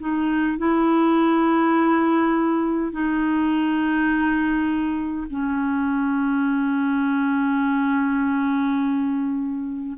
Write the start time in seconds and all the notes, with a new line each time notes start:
0.00 D#4
0.58 E4
2.92 D#4
5.30 C#4